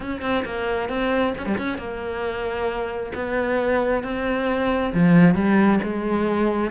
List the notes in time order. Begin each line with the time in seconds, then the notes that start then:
0.00 C#4
0.21 C4
0.45 A#3
0.89 C4
1.38 C#4
1.46 G3
1.57 C#4
1.78 A#3
3.14 B3
4.03 C4
4.94 F3
5.34 G3
5.83 G#3